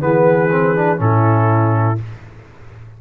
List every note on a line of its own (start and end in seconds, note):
0.00 1.00 E3
0.00 0.49 B3
0.00 1.00 G#4
0.00 1.00 B4
0.51 0.76 C4
0.76 0.97 D4
0.97 1.98 A2
0.97 1.96 C#4
0.97 2.01 E4
0.97 1.99 A4